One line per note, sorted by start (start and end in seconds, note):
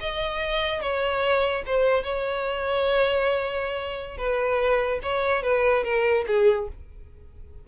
0.00 0.81 D#5
0.81 1.63 C#5
1.66 2.03 C5
2.03 4.17 C#5
4.17 5.00 B4
5.02 5.42 C#5
5.42 5.84 B4
5.84 6.25 A#4
6.27 6.68 G#4